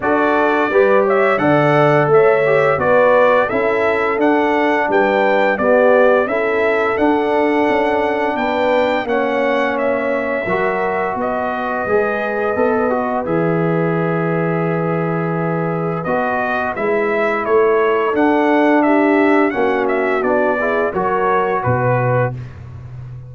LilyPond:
<<
  \new Staff \with { instrumentName = "trumpet" } { \time 4/4 \tempo 4 = 86 d''4. e''8 fis''4 e''4 | d''4 e''4 fis''4 g''4 | d''4 e''4 fis''2 | g''4 fis''4 e''2 |
dis''2. e''4~ | e''2. dis''4 | e''4 cis''4 fis''4 e''4 | fis''8 e''8 d''4 cis''4 b'4 | }
  \new Staff \with { instrumentName = "horn" } { \time 4/4 a'4 b'8 cis''8 d''4 cis''4 | b'4 a'2 b'4 | g'4 a'2. | b'4 cis''2 ais'4 |
b'1~ | b'1~ | b'4 a'2 g'4 | fis'4. gis'8 ais'4 b'4 | }
  \new Staff \with { instrumentName = "trombone" } { \time 4/4 fis'4 g'4 a'4. g'8 | fis'4 e'4 d'2 | b4 e'4 d'2~ | d'4 cis'2 fis'4~ |
fis'4 gis'4 a'8 fis'8 gis'4~ | gis'2. fis'4 | e'2 d'2 | cis'4 d'8 e'8 fis'2 | }
  \new Staff \with { instrumentName = "tuba" } { \time 4/4 d'4 g4 d4 a4 | b4 cis'4 d'4 g4 | b4 cis'4 d'4 cis'4 | b4 ais2 fis4 |
b4 gis4 b4 e4~ | e2. b4 | gis4 a4 d'2 | ais4 b4 fis4 b,4 | }
>>